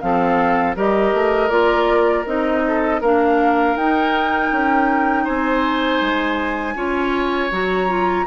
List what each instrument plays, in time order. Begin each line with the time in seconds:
0.00 bassoon F3, clarinet C4, oboe A4, flute F5
0.76 bassoon G3, clarinet G4, oboe A#4, flute D#5
1.13 bassoon A3
1.49 bassoon A#3, clarinet F4, flute D5
2.25 bassoon C4, clarinet D#4, flute D#5
2.67 oboe A4
3.01 bassoon A#3, clarinet D4, oboe A#4, flute F5
3.75 bassoon D#4, clarinet D#4, flute G5
4.51 bassoon C#4
5.24 bassoon C4, oboe C5, flute G#5
6.01 bassoon G#3
6.75 bassoon C#4, clarinet F4, oboe C#5
7.51 bassoon F#3, clarinet F#4, flute A#5
7.88 clarinet F4